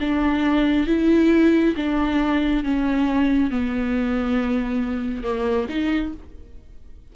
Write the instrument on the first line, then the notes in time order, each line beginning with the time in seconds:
viola
0.00 D4
0.87 E4
1.76 D4
2.63 C#4
3.50 B3
5.23 A#3
5.69 D#4